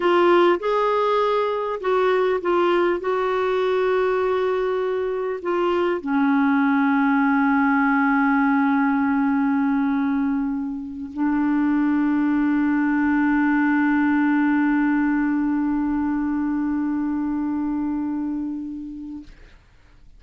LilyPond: \new Staff \with { instrumentName = "clarinet" } { \time 4/4 \tempo 4 = 100 f'4 gis'2 fis'4 | f'4 fis'2.~ | fis'4 f'4 cis'2~ | cis'1~ |
cis'2~ cis'8 d'4.~ | d'1~ | d'1~ | d'1 | }